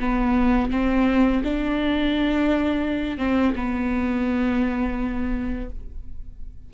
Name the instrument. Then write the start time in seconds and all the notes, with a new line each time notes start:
viola
0.00 B3
0.71 C4
1.44 D4
3.18 C4
3.56 B3